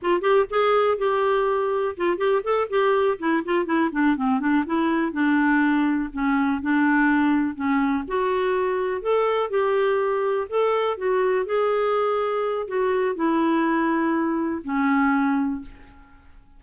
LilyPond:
\new Staff \with { instrumentName = "clarinet" } { \time 4/4 \tempo 4 = 123 f'8 g'8 gis'4 g'2 | f'8 g'8 a'8 g'4 e'8 f'8 e'8 | d'8 c'8 d'8 e'4 d'4.~ | d'8 cis'4 d'2 cis'8~ |
cis'8 fis'2 a'4 g'8~ | g'4. a'4 fis'4 gis'8~ | gis'2 fis'4 e'4~ | e'2 cis'2 | }